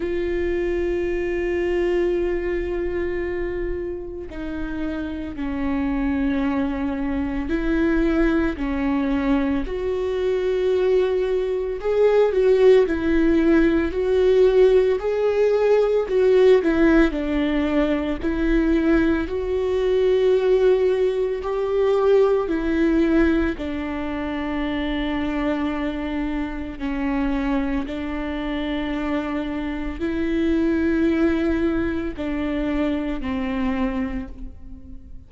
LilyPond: \new Staff \with { instrumentName = "viola" } { \time 4/4 \tempo 4 = 56 f'1 | dis'4 cis'2 e'4 | cis'4 fis'2 gis'8 fis'8 | e'4 fis'4 gis'4 fis'8 e'8 |
d'4 e'4 fis'2 | g'4 e'4 d'2~ | d'4 cis'4 d'2 | e'2 d'4 c'4 | }